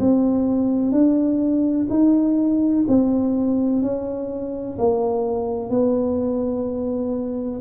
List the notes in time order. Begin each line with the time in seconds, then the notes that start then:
0.00 C4
0.92 D4
1.90 D#4
2.88 C4
3.83 C#4
4.79 A#3
5.70 B3